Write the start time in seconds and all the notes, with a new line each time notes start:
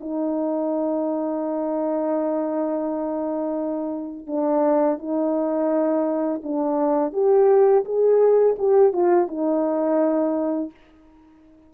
0.00 D#4
4.27 D4
4.98 D#4
6.43 D4
7.13 G4
7.84 G#4
8.58 G4
8.93 F4
9.27 D#4